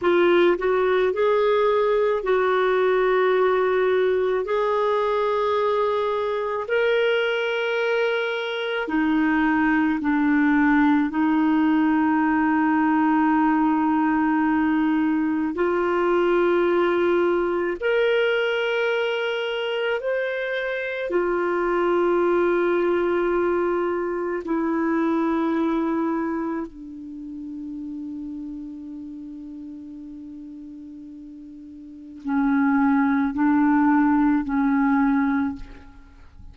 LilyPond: \new Staff \with { instrumentName = "clarinet" } { \time 4/4 \tempo 4 = 54 f'8 fis'8 gis'4 fis'2 | gis'2 ais'2 | dis'4 d'4 dis'2~ | dis'2 f'2 |
ais'2 c''4 f'4~ | f'2 e'2 | d'1~ | d'4 cis'4 d'4 cis'4 | }